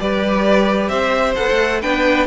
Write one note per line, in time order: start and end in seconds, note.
0.00 0.89 G3
0.00 1.36 G4
0.00 0.90 B4
0.00 0.89 D5
0.89 1.35 C4
0.89 1.81 C5
0.89 1.34 E5
1.36 1.51 B3
1.36 1.82 A4
1.36 1.81 F#5
1.51 1.84 A3
1.81 2.27 B3
1.81 2.27 D4
1.81 2.27 B4
1.81 2.27 G5